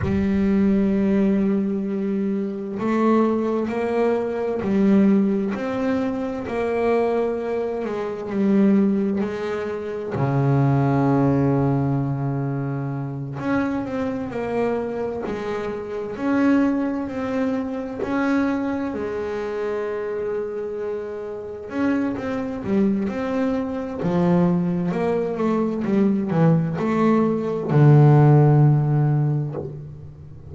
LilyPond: \new Staff \with { instrumentName = "double bass" } { \time 4/4 \tempo 4 = 65 g2. a4 | ais4 g4 c'4 ais4~ | ais8 gis8 g4 gis4 cis4~ | cis2~ cis8 cis'8 c'8 ais8~ |
ais8 gis4 cis'4 c'4 cis'8~ | cis'8 gis2. cis'8 | c'8 g8 c'4 f4 ais8 a8 | g8 e8 a4 d2 | }